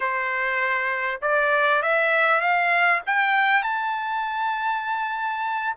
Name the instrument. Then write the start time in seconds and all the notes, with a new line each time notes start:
trumpet
0.00 C5
1.21 D5
1.82 E5
2.40 F5
3.06 G5
3.62 A5